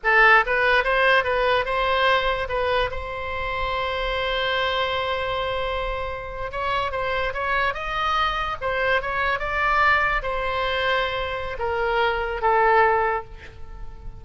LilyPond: \new Staff \with { instrumentName = "oboe" } { \time 4/4 \tempo 4 = 145 a'4 b'4 c''4 b'4 | c''2 b'4 c''4~ | c''1~ | c''2.~ c''8. cis''16~ |
cis''8. c''4 cis''4 dis''4~ dis''16~ | dis''8. c''4 cis''4 d''4~ d''16~ | d''8. c''2.~ c''16 | ais'2 a'2 | }